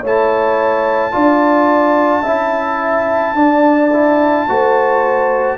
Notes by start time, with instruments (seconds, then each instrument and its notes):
0.00 tuba A3, trombone E4, horn C#5
0.06 trumpet A5
1.12 tuba D4, trombone F4, horn D5
2.23 tuba C#4, trombone E4, horn E5
3.35 tuba D4, trombone D4, horn D5
3.93 trombone E4
4.48 tuba A3, trombone F#4, horn C5